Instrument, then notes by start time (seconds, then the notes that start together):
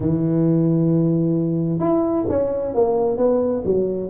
tuba
0.00 E3
1.79 E4
2.29 C#4
2.74 A#3
3.17 B3
3.64 F#3